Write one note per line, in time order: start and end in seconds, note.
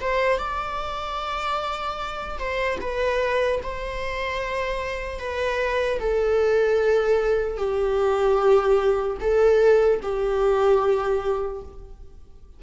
0.00 0.38 C5
0.38 2.38 D5
2.38 2.78 C5
2.80 3.60 B4
3.62 5.19 C5
5.19 5.99 B4
5.99 7.57 A4
7.57 9.17 G4
9.20 10.00 A4
10.02 11.62 G4